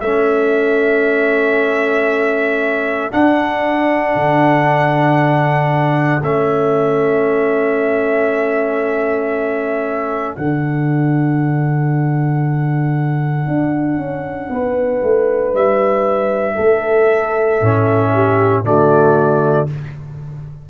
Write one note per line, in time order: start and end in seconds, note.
0.00 3.11 A3
0.00 3.11 C#4
0.00 14.49 A4
0.00 3.10 E5
3.11 6.21 D4
3.11 4.15 D4
3.11 6.22 F#5
4.15 6.22 D3
6.22 10.35 A3
6.22 10.37 C#4
6.22 10.36 E5
10.36 13.47 D3
10.36 17.61 D4
10.36 15.53 F#5
13.47 13.97 D4
13.97 14.48 C#4
14.49 15.01 B3
14.49 16.55 B4
15.02 15.53 A3
15.53 16.57 G3
15.53 18.65 E5
16.55 17.61 A3
16.55 18.10 A4
17.61 18.64 A2
17.61 18.63 C#4
18.13 18.65 G4
18.63 19.67 D3
18.63 19.67 A3
18.63 19.69 F#4
18.63 19.69 D5